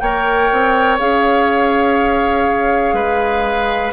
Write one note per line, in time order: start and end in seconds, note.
0.00 0.50 A#3
0.00 0.99 A#4
0.00 2.95 C#5
0.00 0.98 G5
0.52 1.00 C4
0.99 2.93 C#4
0.99 3.93 G#4
0.99 3.93 F5
2.93 3.92 G#3
2.93 3.93 B4